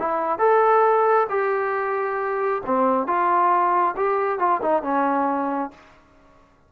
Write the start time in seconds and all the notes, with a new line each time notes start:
0.00 E4
0.39 A4
1.30 G4
2.66 C4
3.07 F4
3.97 G4
4.39 F4
4.62 D#4
4.83 C#4